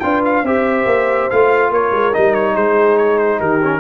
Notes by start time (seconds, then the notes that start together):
0.00 D4 F4 B4 G5
0.25 F5
0.43 C4 G4 C5 E5
0.86 A#3
1.30 A3 F4 F5
1.71 A#3 A#4 C#5
1.92 G#3
2.13 G3 D#4 D#5
2.35 C#5
2.54 G#3 G#4 C5
2.98 C#5
3.19 C5
3.38 D#3 G4 A#4
3.63 C#4